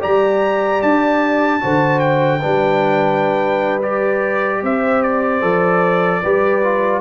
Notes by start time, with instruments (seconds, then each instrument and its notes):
0.00 tuba G3, trombone G4, horn D5, trumpet A#5
0.82 tuba D4, trumpet A5
1.60 tuba D3, trombone F#4, horn C5
1.99 trumpet G5
2.40 tuba G3, trombone D4, horn B4
3.82 trombone G4, trumpet D5
4.63 tuba C4, horn C5, trumpet E5
5.03 trumpet D5
5.41 tuba F3, trombone A4
6.22 tuba G3, trombone G4, horn B4
6.64 trombone F4